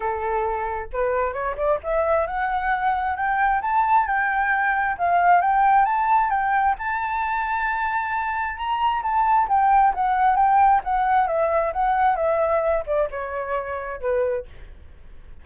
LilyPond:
\new Staff \with { instrumentName = "flute" } { \time 4/4 \tempo 4 = 133 a'2 b'4 cis''8 d''8 | e''4 fis''2 g''4 | a''4 g''2 f''4 | g''4 a''4 g''4 a''4~ |
a''2. ais''4 | a''4 g''4 fis''4 g''4 | fis''4 e''4 fis''4 e''4~ | e''8 d''8 cis''2 b'4 | }